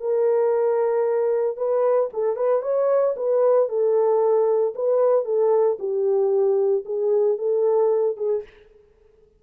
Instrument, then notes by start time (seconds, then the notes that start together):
horn
0.00 A#4
1.57 B4
2.13 A4
2.36 B4
2.62 C#5
3.16 B4
3.69 A4
4.75 B4
5.25 A4
5.79 G4
6.85 G#4
7.38 A4
8.17 G#4